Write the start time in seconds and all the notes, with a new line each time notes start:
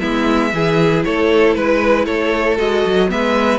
0.00 G#3 B3 E4 E5
0.54 E3 E4 G#4
1.05 A3 A4 C#5
1.54 G#3 B4
2.06 A3 A4 C#5
2.58 G#3 F#4 D#5
2.86 F#3
3.09 G#3 B3 B4 E5